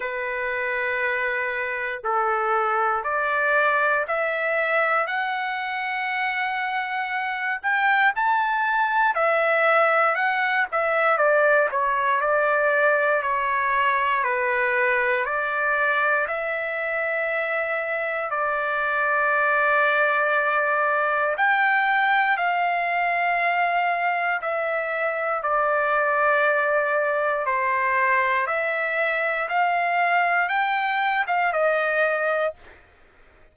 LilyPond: \new Staff \with { instrumentName = "trumpet" } { \time 4/4 \tempo 4 = 59 b'2 a'4 d''4 | e''4 fis''2~ fis''8 g''8 | a''4 e''4 fis''8 e''8 d''8 cis''8 | d''4 cis''4 b'4 d''4 |
e''2 d''2~ | d''4 g''4 f''2 | e''4 d''2 c''4 | e''4 f''4 g''8. f''16 dis''4 | }